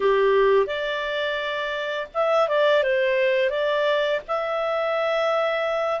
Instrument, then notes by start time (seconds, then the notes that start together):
clarinet
0.00 G4
0.66 D5
2.14 E5
2.48 D5
2.83 C5
3.49 D5
4.27 E5